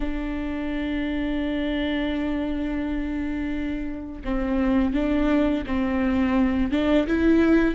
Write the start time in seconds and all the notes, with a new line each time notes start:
0.00 D4
4.24 C4
4.93 D4
5.66 C4
6.71 D4
7.07 E4